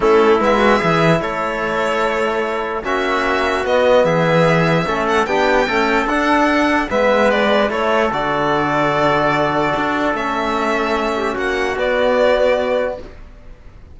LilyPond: <<
  \new Staff \with { instrumentName = "violin" } { \time 4/4 \tempo 4 = 148 a'4 e''2 cis''4~ | cis''2. e''4~ | e''4 dis''4 e''2~ | e''8 fis''8 g''2 fis''4~ |
fis''4 e''4 d''4 cis''4 | d''1~ | d''4 e''2. | fis''4 d''2. | }
  \new Staff \with { instrumentName = "trumpet" } { \time 4/4 e'4. fis'8 gis'4 a'4~ | a'2. fis'4~ | fis'2 gis'2 | a'4 g'4 a'2~ |
a'4 b'2 a'4~ | a'1~ | a'2.~ a'8 g'8 | fis'1 | }
  \new Staff \with { instrumentName = "trombone" } { \time 4/4 cis'4 b4 e'2~ | e'2. cis'4~ | cis'4 b2. | cis'4 d'4 a4 d'4~ |
d'4 b2 e'4 | fis'1~ | fis'4 cis'2.~ | cis'4 b2. | }
  \new Staff \with { instrumentName = "cello" } { \time 4/4 a4 gis4 e4 a4~ | a2. ais4~ | ais4 b4 e2 | a4 b4 cis'4 d'4~ |
d'4 gis2 a4 | d1 | d'4 a2. | ais4 b2. | }
>>